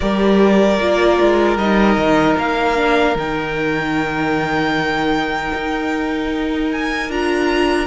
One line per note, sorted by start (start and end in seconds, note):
0.00 0.79 G3
0.00 0.78 G4
0.00 7.87 A#4
0.00 1.57 D5
0.79 1.19 A#3
0.79 1.59 F4
1.20 1.57 G#3
1.57 1.96 G3
1.57 2.76 D#4
1.57 2.37 D#5
1.97 2.36 D#3
2.37 3.15 A#3
2.37 3.17 F5
2.76 3.15 D4
3.15 5.51 D#3
3.15 7.10 D#4
3.15 6.71 G5
5.53 7.09 D#4
6.71 7.11 G#5
7.09 7.87 D4
7.09 7.87 F4
7.09 7.87 A#5